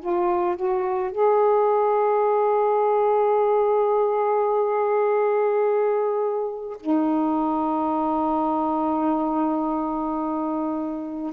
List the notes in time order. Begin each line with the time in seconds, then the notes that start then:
0.00 F4
0.56 F#4
1.11 G#4
6.80 D#4